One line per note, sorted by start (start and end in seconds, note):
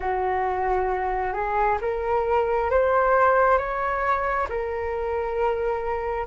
0.00 1.33 F#4
1.33 1.77 G#4
1.81 2.70 A#4
2.70 3.57 C5
3.57 4.47 C#5
4.49 6.26 A#4